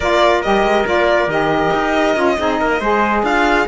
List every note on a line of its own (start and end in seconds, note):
0.00 0.45 A#3
0.00 0.43 F4
0.00 2.34 A#4
0.00 0.41 D5
0.42 0.62 G3
0.42 0.85 G4
0.42 0.85 D#5
0.62 0.84 G#3
0.85 1.27 A#3
0.85 1.28 F4
0.85 1.30 D5
1.27 1.70 D#3
1.27 2.15 G4
1.27 3.24 D#5
1.73 2.16 D#4
2.15 2.37 C#4
2.15 2.36 F4
2.37 2.61 C4
2.37 2.81 D#4
2.37 2.60 G#4
2.60 2.80 A#3
2.60 2.80 A#4
2.80 3.22 G#3
2.80 3.67 G#4
2.80 3.23 C5
3.22 3.66 D4
3.22 3.67 F4
3.22 3.67 F5